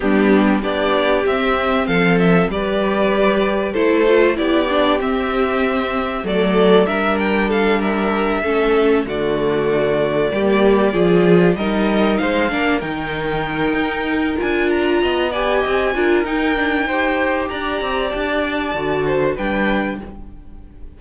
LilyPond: <<
  \new Staff \with { instrumentName = "violin" } { \time 4/4 \tempo 4 = 96 g'4 d''4 e''4 f''8 e''8 | d''2 c''4 d''4 | e''2 d''4 e''8 g''8 | f''8 e''2 d''4.~ |
d''2~ d''8 dis''4 f''8~ | f''8 g''2~ g''8 gis''8 ais''8~ | ais''8 gis''4. g''2 | ais''4 a''2 g''4 | }
  \new Staff \with { instrumentName = "violin" } { \time 4/4 d'4 g'2 a'4 | b'2 a'4 g'4~ | g'2 a'4 ais'4 | a'8 ais'4 a'4 fis'4.~ |
fis'8 g'4 gis'4 ais'4 c''8 | ais'1 | dis''8 d''8 dis''8 ais'4. c''4 | d''2~ d''8 c''8 b'4 | }
  \new Staff \with { instrumentName = "viola" } { \time 4/4 b4 d'4 c'2 | g'2 e'8 f'8 e'8 d'8 | c'2 a4 d'4~ | d'4. cis'4 a4.~ |
a8 ais4 f'4 dis'4. | d'8 dis'2~ dis'8 f'4~ | f'8 g'4 f'8 dis'8 d'8 g'4~ | g'2 fis'4 d'4 | }
  \new Staff \with { instrumentName = "cello" } { \time 4/4 g4 b4 c'4 f4 | g2 a4 b4 | c'2 fis4 g4~ | g4. a4 d4.~ |
d8 g4 f4 g4 gis8 | ais8 dis4. dis'4 d'4 | b4 c'8 d'8 dis'2 | d'8 c'8 d'4 d4 g4 | }
>>